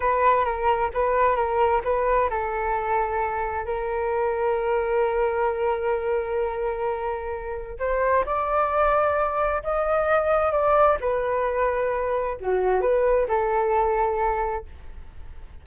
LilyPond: \new Staff \with { instrumentName = "flute" } { \time 4/4 \tempo 4 = 131 b'4 ais'4 b'4 ais'4 | b'4 a'2. | ais'1~ | ais'1~ |
ais'4 c''4 d''2~ | d''4 dis''2 d''4 | b'2. fis'4 | b'4 a'2. | }